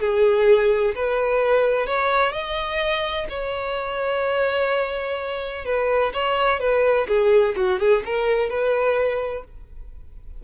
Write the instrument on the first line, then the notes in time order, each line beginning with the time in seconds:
violin
0.00 G#4
0.95 B4
1.86 C#5
2.32 D#5
3.29 C#5
5.65 B4
6.14 C#5
6.60 B4
7.08 G#4
7.56 F#4
7.79 G#4
8.05 A#4
8.49 B4